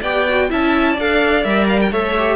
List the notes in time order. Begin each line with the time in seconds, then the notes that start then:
0.00 B3 G4 D5 G5
0.29 F#4
0.49 C#4 E4 E5 A5
0.92 D4 D5
1.00 A4 F5
1.43 G3 A#4 E5
1.67 F5
1.80 G5
1.91 A3 A4 C#5 E5
2.18 G4